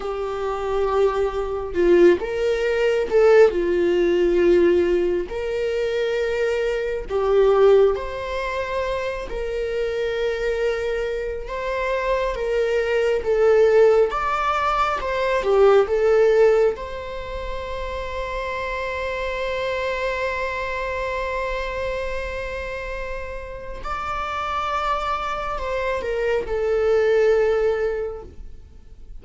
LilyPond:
\new Staff \with { instrumentName = "viola" } { \time 4/4 \tempo 4 = 68 g'2 f'8 ais'4 a'8 | f'2 ais'2 | g'4 c''4. ais'4.~ | ais'4 c''4 ais'4 a'4 |
d''4 c''8 g'8 a'4 c''4~ | c''1~ | c''2. d''4~ | d''4 c''8 ais'8 a'2 | }